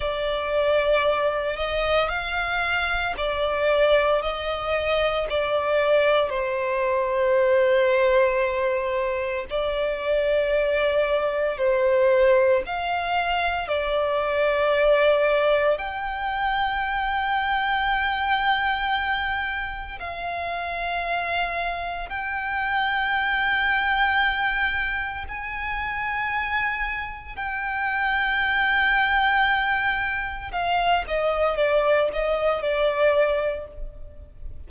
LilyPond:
\new Staff \with { instrumentName = "violin" } { \time 4/4 \tempo 4 = 57 d''4. dis''8 f''4 d''4 | dis''4 d''4 c''2~ | c''4 d''2 c''4 | f''4 d''2 g''4~ |
g''2. f''4~ | f''4 g''2. | gis''2 g''2~ | g''4 f''8 dis''8 d''8 dis''8 d''4 | }